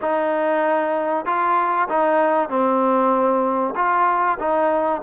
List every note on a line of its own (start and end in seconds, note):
0.01 1.25 D#4
1.25 1.88 F4
1.88 2.49 D#4
2.49 3.74 C4
3.75 4.38 F4
4.39 5.01 D#4